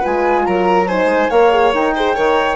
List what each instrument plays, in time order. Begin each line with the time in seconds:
0.00 bassoon G#3, horn F4, violin B4, flute G#5
0.45 bassoon F#3, violin A#4, flute A#5
0.87 horn D#4, violin C5, flute G#5
1.05 bassoon G#3
1.30 bassoon A#3, horn A#4, violin C#5, flute F5
1.51 horn G#4
1.73 bassoon D#4, horn A#4, flute G5
1.95 horn G#4, violin C5
2.15 bassoon D#3, horn A#4, violin C#5